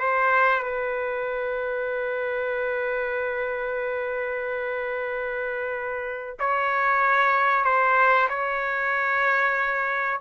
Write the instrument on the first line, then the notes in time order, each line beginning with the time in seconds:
trumpet
0.00 C5
0.63 B4
6.40 C#5
7.65 C5
8.29 C#5